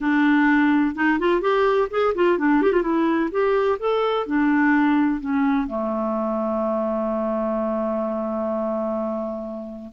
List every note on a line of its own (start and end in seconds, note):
0.01 0.95 D4
0.95 1.18 D#4
1.19 1.41 F4
1.41 1.88 G4
1.90 2.13 G#4
2.15 2.38 F4
2.38 2.61 D4
2.61 2.72 G4
2.72 2.82 F4
2.82 3.29 E4
3.31 3.78 G4
3.79 4.26 A4
4.26 5.20 D4
5.20 5.67 C#4
5.67 9.92 A3